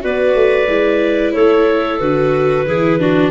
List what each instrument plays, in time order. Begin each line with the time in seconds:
0.00 tuba B3, viola F#4, clarinet B4 D5
0.34 tuba A3
0.67 tuba G#3, viola E4
1.32 tuba A3, clarinet A4 C#5
1.99 tuba D3, viola F#4, clarinet B4
2.65 tuba E3, viola E4, clarinet G#4
2.99 viola D4, clarinet F#4